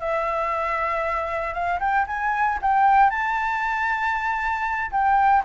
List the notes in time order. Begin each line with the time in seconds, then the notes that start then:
0.00 E5
1.54 F5
1.80 G5
2.07 G#5
2.62 G5
3.10 A5
4.91 G5